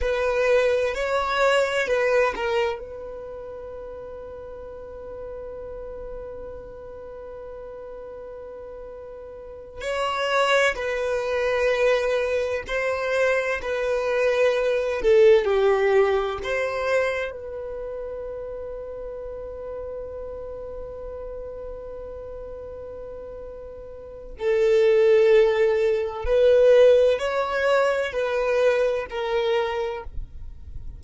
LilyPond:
\new Staff \with { instrumentName = "violin" } { \time 4/4 \tempo 4 = 64 b'4 cis''4 b'8 ais'8 b'4~ | b'1~ | b'2~ b'8 cis''4 b'8~ | b'4. c''4 b'4. |
a'8 g'4 c''4 b'4.~ | b'1~ | b'2 a'2 | b'4 cis''4 b'4 ais'4 | }